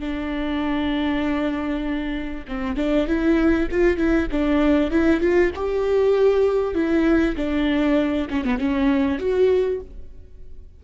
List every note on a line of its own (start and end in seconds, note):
0.00 2.45 D4
2.49 2.77 C4
2.77 3.08 D4
3.08 3.69 E4
3.72 3.97 F4
3.97 4.28 E4
4.32 4.91 D4
4.91 5.21 E4
5.21 5.52 F4
5.56 6.75 G4
6.75 7.36 E4
7.37 8.28 D4
8.30 8.45 C#4
8.45 8.59 B3
8.59 9.19 C#4
9.19 9.80 F#4